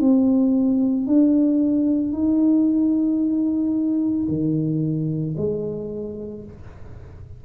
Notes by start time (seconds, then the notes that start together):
0.00 C4
1.07 D4
2.12 D#4
4.28 D#3
5.37 G#3